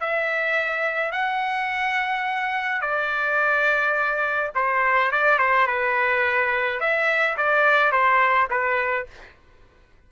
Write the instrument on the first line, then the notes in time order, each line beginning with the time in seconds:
trumpet
0.00 E5
1.12 F#5
2.81 D5
4.55 C5
5.11 D5
5.39 C5
5.67 B4
6.80 E5
7.37 D5
7.91 C5
8.50 B4